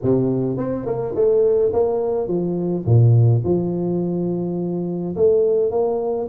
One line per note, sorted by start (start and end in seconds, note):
0.02 0.57 C3
0.57 0.85 C4
0.85 1.14 A#3
1.15 1.72 A3
1.72 2.27 A#3
2.27 2.84 F3
2.85 3.42 A#2
3.44 5.15 F3
5.16 5.70 A3
5.70 6.28 A#3